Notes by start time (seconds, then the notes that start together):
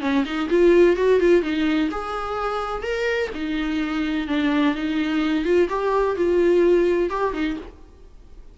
0.00 C#4
0.24 D#4
0.49 F4
0.96 F#4
1.19 F4
1.42 D#4
1.90 G#4
2.82 A#4
3.34 D#4
4.27 D4
4.75 D#4
5.44 F4
5.69 G4
6.16 F4
7.09 G4
7.33 D#4